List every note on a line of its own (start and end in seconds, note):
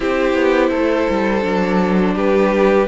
0.00 0.34 C4
0.00 1.41 E4
0.00 0.69 G4
0.00 2.17 C5
0.34 0.70 B3
0.69 1.07 A3
0.69 2.14 A4
1.09 1.44 G3
1.41 2.15 F#3
1.41 2.86 D4
2.15 2.88 G3
2.15 2.87 G4
2.15 2.88 B4